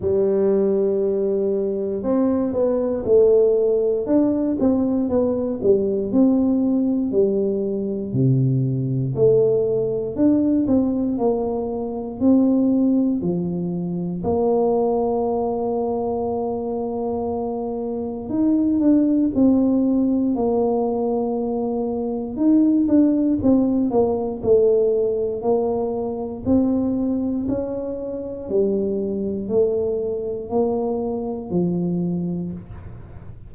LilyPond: \new Staff \with { instrumentName = "tuba" } { \time 4/4 \tempo 4 = 59 g2 c'8 b8 a4 | d'8 c'8 b8 g8 c'4 g4 | c4 a4 d'8 c'8 ais4 | c'4 f4 ais2~ |
ais2 dis'8 d'8 c'4 | ais2 dis'8 d'8 c'8 ais8 | a4 ais4 c'4 cis'4 | g4 a4 ais4 f4 | }